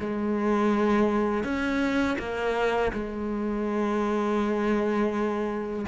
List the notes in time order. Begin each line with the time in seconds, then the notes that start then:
0.00 G#3
1.44 C#4
2.19 A#3
2.93 G#3